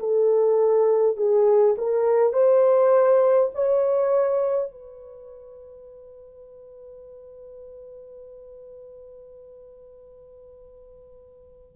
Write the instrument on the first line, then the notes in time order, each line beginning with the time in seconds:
horn
0.00 A4
1.17 G#4
1.78 A#4
2.34 C5
3.55 C#5
4.72 B4